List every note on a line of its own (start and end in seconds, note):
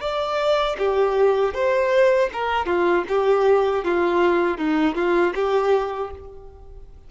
0.00 0.76 D5
0.78 1.53 G4
1.53 2.29 C5
2.33 2.66 A#4
2.66 3.04 F4
3.08 3.84 G4
3.84 4.57 F4
4.57 4.95 D#4
4.95 5.33 F4
5.34 6.10 G4